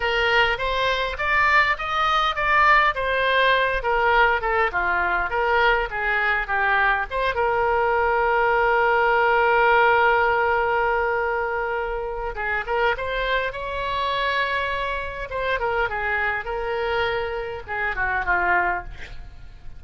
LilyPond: \new Staff \with { instrumentName = "oboe" } { \time 4/4 \tempo 4 = 102 ais'4 c''4 d''4 dis''4 | d''4 c''4. ais'4 a'8 | f'4 ais'4 gis'4 g'4 | c''8 ais'2.~ ais'8~ |
ais'1~ | ais'4 gis'8 ais'8 c''4 cis''4~ | cis''2 c''8 ais'8 gis'4 | ais'2 gis'8 fis'8 f'4 | }